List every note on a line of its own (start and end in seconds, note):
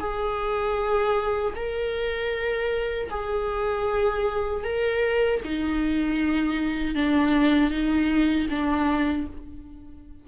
0.00 1.54 G#4
1.56 3.10 A#4
3.10 4.64 G#4
4.64 5.41 A#4
5.44 6.95 D#4
6.95 7.71 D4
7.71 8.48 D#4
8.50 9.27 D4